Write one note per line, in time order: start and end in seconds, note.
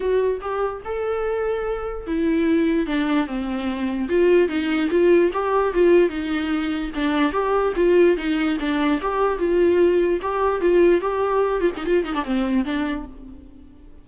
0.00 0.40 F#4
0.41 0.82 G4
0.84 2.06 A4
2.06 2.86 E4
2.86 3.26 D4
3.26 4.08 C4
4.08 4.48 F4
4.48 4.89 D#4
4.90 5.31 F4
5.33 5.73 G4
5.73 6.09 F4
6.09 6.91 D#4
6.94 7.32 D4
7.32 7.73 G4
7.76 8.16 F4
8.17 8.57 D#4
8.59 9.00 D4
9.01 9.38 G4
9.38 10.20 F4
10.21 10.60 G4
10.60 11.01 F4
11.01 11.60 G4
11.60 11.70 F4
11.76 11.85 D#4
11.85 12.04 F4
12.04 12.14 D#4
12.14 12.24 D4
12.24 12.64 C4
12.64 13.05 D4